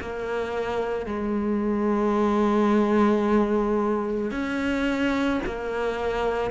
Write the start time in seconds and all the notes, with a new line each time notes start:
0.00 A#3
1.06 G#3
4.31 C#4
5.45 A#3